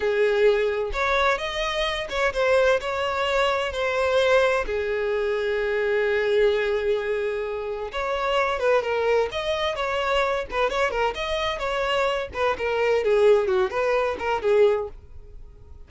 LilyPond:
\new Staff \with { instrumentName = "violin" } { \time 4/4 \tempo 4 = 129 gis'2 cis''4 dis''4~ | dis''8 cis''8 c''4 cis''2 | c''2 gis'2~ | gis'1~ |
gis'4 cis''4. b'8 ais'4 | dis''4 cis''4. b'8 cis''8 ais'8 | dis''4 cis''4. b'8 ais'4 | gis'4 fis'8 b'4 ais'8 gis'4 | }